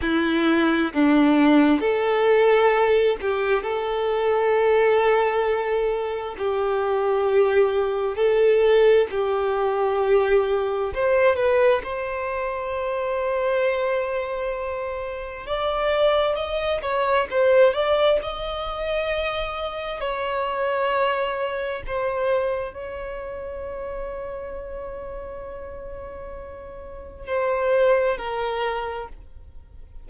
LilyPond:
\new Staff \with { instrumentName = "violin" } { \time 4/4 \tempo 4 = 66 e'4 d'4 a'4. g'8 | a'2. g'4~ | g'4 a'4 g'2 | c''8 b'8 c''2.~ |
c''4 d''4 dis''8 cis''8 c''8 d''8 | dis''2 cis''2 | c''4 cis''2.~ | cis''2 c''4 ais'4 | }